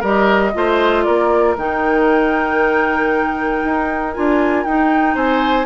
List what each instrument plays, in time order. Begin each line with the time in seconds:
0.00 bassoon G3, clarinet G4, oboe A#4, flute D#5
0.54 bassoon A3, clarinet F4, oboe C5
1.03 bassoon A#3, oboe A#4, flute D5
1.57 bassoon D#3, clarinet D#4, flute G5
3.65 bassoon D#4
4.13 bassoon D4, clarinet F4, flute G#5
4.64 bassoon D#4, clarinet D#4, flute G5
5.15 bassoon C4, oboe C5, flute G#5